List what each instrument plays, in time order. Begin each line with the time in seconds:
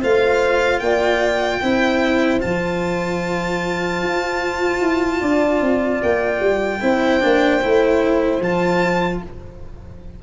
0.00 tuba A3, cello F4, horn C5, violin F5
0.79 tuba A#3, horn D5, violin G5
1.61 tuba C4, cello E4, horn C5
2.39 tuba F3, cello F4, violin A5
4.03 tuba F4
4.80 tuba E4
5.20 tuba D4, horn D5
5.61 tuba C4
6.02 tuba A#3, violin G5
6.40 tuba G3
6.80 tuba C4, cello E4, horn C5
7.20 tuba A#3, cello D4
7.61 tuba A3, cello E4
8.39 tuba F3, cello F4, violin A5